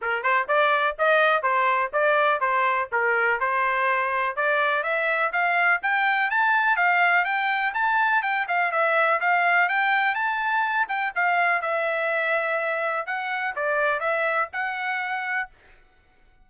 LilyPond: \new Staff \with { instrumentName = "trumpet" } { \time 4/4 \tempo 4 = 124 ais'8 c''8 d''4 dis''4 c''4 | d''4 c''4 ais'4 c''4~ | c''4 d''4 e''4 f''4 | g''4 a''4 f''4 g''4 |
a''4 g''8 f''8 e''4 f''4 | g''4 a''4. g''8 f''4 | e''2. fis''4 | d''4 e''4 fis''2 | }